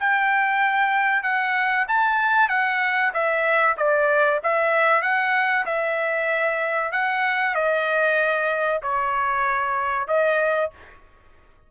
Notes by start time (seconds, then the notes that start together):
0.00 G5
1.23 F#5
1.89 A5
2.49 F#5
3.14 E5
3.78 D5
4.44 E5
5.02 F#5
5.66 E5
6.92 F#5
7.55 D#5
8.83 C#5
10.08 D#5